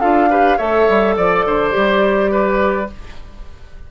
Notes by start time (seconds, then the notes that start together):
0.00 D4 F4 A4 F5
0.30 G4 B4
0.57 A3 A4 C#5 E5
0.88 G3
1.17 F3 D5
1.45 D3 C5
1.71 G3 G4
2.31 B4